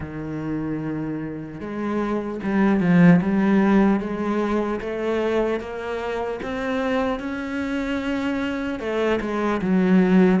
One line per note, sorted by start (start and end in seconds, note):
0.00 1.60 D#3
1.60 2.40 G#3
2.43 2.80 G3
2.80 3.20 F3
3.21 4.00 G3
4.00 4.80 G#3
4.80 5.60 A3
5.60 6.40 A#3
6.42 7.19 C4
7.19 8.79 C#4
8.79 9.19 A3
9.20 9.60 G#3
9.61 10.40 F#3